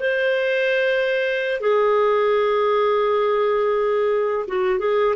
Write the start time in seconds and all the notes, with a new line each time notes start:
0.00 C5
1.61 G#4
4.48 F#4
4.79 G#4